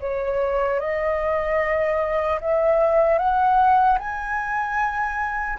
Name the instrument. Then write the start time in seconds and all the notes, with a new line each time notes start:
flute
0.00 C#5
0.80 D#5
2.41 E5
3.18 F#5
3.99 G#5